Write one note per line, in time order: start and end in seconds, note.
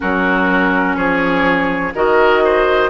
0.00 0.96 F#3
0.00 1.91 C#4
0.00 0.96 F#4
0.00 0.95 A#4
0.95 1.93 F3
0.95 1.93 G#4
0.95 1.92 C#5
1.94 2.89 D#3
1.94 2.89 F#4
1.94 2.43 A#4
1.94 2.89 D#5
2.44 2.89 C5